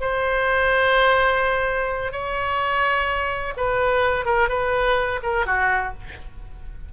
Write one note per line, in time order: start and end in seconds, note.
0.00 2.12 C5
2.12 3.53 C#5
3.56 4.25 B4
4.25 4.49 A#4
4.49 5.19 B4
5.22 5.46 A#4
5.46 5.93 F#4